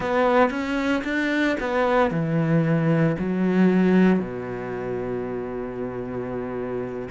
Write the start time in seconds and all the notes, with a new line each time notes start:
0.00 B3
0.50 C#4
1.04 D4
1.60 B3
2.11 E3
3.18 F#3
4.19 B2